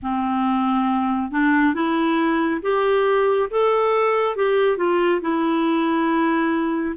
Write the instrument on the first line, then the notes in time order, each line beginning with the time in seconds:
clarinet
0.02 C4
1.30 D4
1.74 E4
2.62 G4
3.50 A4
4.36 G4
4.77 F4
5.21 E4